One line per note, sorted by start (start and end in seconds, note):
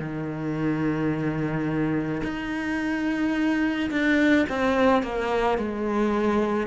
0.00 2.22 D#3
2.24 3.91 D#4
3.91 4.46 D4
4.49 5.03 C4
5.03 5.58 A#3
5.58 6.67 G#3